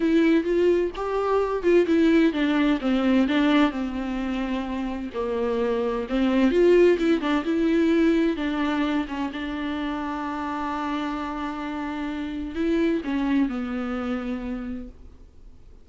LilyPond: \new Staff \with { instrumentName = "viola" } { \time 4/4 \tempo 4 = 129 e'4 f'4 g'4. f'8 | e'4 d'4 c'4 d'4 | c'2. ais4~ | ais4 c'4 f'4 e'8 d'8 |
e'2 d'4. cis'8 | d'1~ | d'2. e'4 | cis'4 b2. | }